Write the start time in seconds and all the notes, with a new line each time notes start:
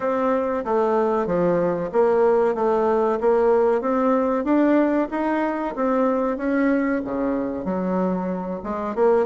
0.00 C4
0.64 A3
1.26 F3
1.92 A#3
2.54 A3
3.20 A#3
3.81 C4
4.44 D4
5.10 D#4
5.75 C4
6.37 C#4
7.04 C#3
7.65 F#3
8.63 G#3
8.95 A#3